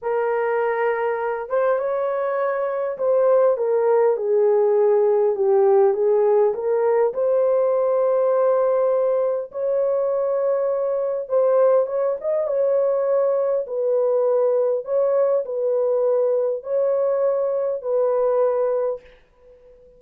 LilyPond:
\new Staff \with { instrumentName = "horn" } { \time 4/4 \tempo 4 = 101 ais'2~ ais'8 c''8 cis''4~ | cis''4 c''4 ais'4 gis'4~ | gis'4 g'4 gis'4 ais'4 | c''1 |
cis''2. c''4 | cis''8 dis''8 cis''2 b'4~ | b'4 cis''4 b'2 | cis''2 b'2 | }